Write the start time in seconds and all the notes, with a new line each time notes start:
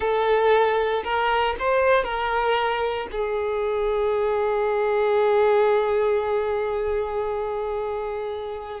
0.00 A4
1.03 A#4
1.59 C5
2.04 A#4
3.11 G#4